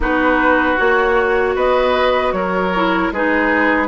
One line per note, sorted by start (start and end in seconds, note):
0.00 0.76 B3
0.00 0.76 D#4
0.00 1.55 F#4
0.00 0.78 B4
0.76 1.55 A#3
0.76 2.71 F#4
0.76 1.56 C#5
1.55 2.32 B3
1.55 2.33 B4
1.55 2.32 D#5
2.32 3.10 F#3
2.32 3.13 A#4
2.32 3.10 C#5
2.75 3.14 E4
3.11 3.87 G#3
3.11 3.87 D#4
3.11 3.87 G#4
3.11 3.87 B4